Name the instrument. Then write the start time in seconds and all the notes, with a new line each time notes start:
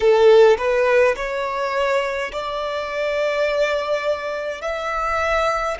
violin
0.00 A4
0.57 B4
1.15 C#5
2.32 D5
4.62 E5